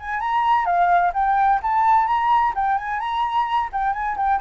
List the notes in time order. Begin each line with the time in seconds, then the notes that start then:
0.00 G#5
0.21 A#5
0.66 F5
1.14 G5
1.63 A5
2.07 A#5
2.55 G5
2.79 G#5
3.00 A#5
3.73 G5
3.93 G#5
4.17 G5